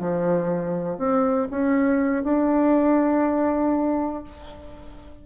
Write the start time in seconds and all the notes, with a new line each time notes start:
0.00 F3
0.98 C4
1.50 C#4
2.23 D4